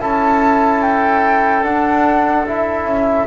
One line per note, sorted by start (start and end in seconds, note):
0.00 1.63 C#4
0.00 1.64 E4
0.00 3.27 A4
0.00 0.82 A5
0.82 1.64 G5
1.63 2.85 D4
1.63 2.46 D4
1.63 2.46 F#5
2.47 3.27 E4
2.47 3.27 E5
2.85 3.26 C#4